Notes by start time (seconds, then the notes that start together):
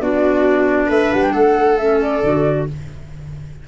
0.00 B3 D4 F#4 D5
0.87 A3 B4 E5
1.14 G3 F#5
1.24 G5
1.32 A3 A4 F#5
1.78 C#4 E5
2.02 D5
2.24 D3 F#4